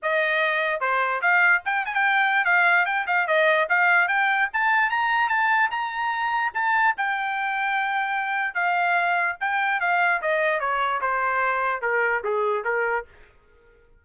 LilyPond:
\new Staff \with { instrumentName = "trumpet" } { \time 4/4 \tempo 4 = 147 dis''2 c''4 f''4 | g''8 gis''16 g''4~ g''16 f''4 g''8 f''8 | dis''4 f''4 g''4 a''4 | ais''4 a''4 ais''2 |
a''4 g''2.~ | g''4 f''2 g''4 | f''4 dis''4 cis''4 c''4~ | c''4 ais'4 gis'4 ais'4 | }